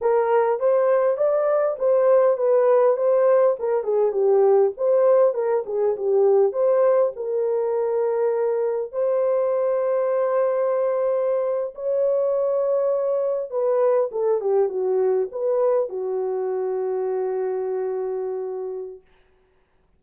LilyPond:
\new Staff \with { instrumentName = "horn" } { \time 4/4 \tempo 4 = 101 ais'4 c''4 d''4 c''4 | b'4 c''4 ais'8 gis'8 g'4 | c''4 ais'8 gis'8 g'4 c''4 | ais'2. c''4~ |
c''2.~ c''8. cis''16~ | cis''2~ cis''8. b'4 a'16~ | a'16 g'8 fis'4 b'4 fis'4~ fis'16~ | fis'1 | }